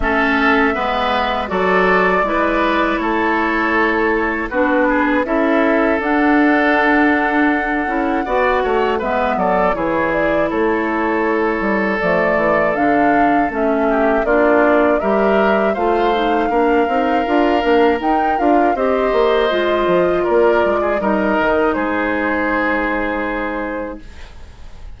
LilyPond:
<<
  \new Staff \with { instrumentName = "flute" } { \time 4/4 \tempo 4 = 80 e''2 d''2 | cis''2 b'4 e''4 | fis''1 | e''8 d''8 cis''8 d''8 cis''2 |
d''4 f''4 e''4 d''4 | e''4 f''2. | g''8 f''8 dis''2 d''4 | dis''4 c''2. | }
  \new Staff \with { instrumentName = "oboe" } { \time 4/4 a'4 b'4 a'4 b'4 | a'2 fis'8 gis'8 a'4~ | a'2. d''8 cis''8 | b'8 a'8 gis'4 a'2~ |
a'2~ a'8 g'8 f'4 | ais'4 c''4 ais'2~ | ais'4 c''2 ais'8. gis'16 | ais'4 gis'2. | }
  \new Staff \with { instrumentName = "clarinet" } { \time 4/4 cis'4 b4 fis'4 e'4~ | e'2 d'4 e'4 | d'2~ d'8 e'8 fis'4 | b4 e'2. |
a4 d'4 cis'4 d'4 | g'4 f'8 dis'8 d'8 dis'8 f'8 d'8 | dis'8 f'8 g'4 f'2 | dis'1 | }
  \new Staff \with { instrumentName = "bassoon" } { \time 4/4 a4 gis4 fis4 gis4 | a2 b4 cis'4 | d'2~ d'8 cis'8 b8 a8 | gis8 fis8 e4 a4. g8 |
f8 e8 d4 a4 ais4 | g4 a4 ais8 c'8 d'8 ais8 | dis'8 d'8 c'8 ais8 gis8 f8 ais8 gis8 | g8 dis8 gis2. | }
>>